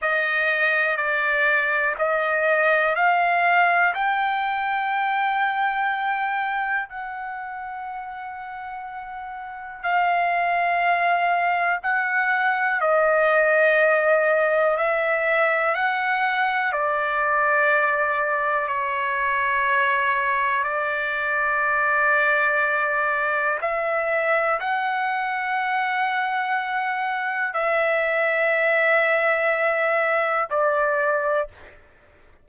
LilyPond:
\new Staff \with { instrumentName = "trumpet" } { \time 4/4 \tempo 4 = 61 dis''4 d''4 dis''4 f''4 | g''2. fis''4~ | fis''2 f''2 | fis''4 dis''2 e''4 |
fis''4 d''2 cis''4~ | cis''4 d''2. | e''4 fis''2. | e''2. d''4 | }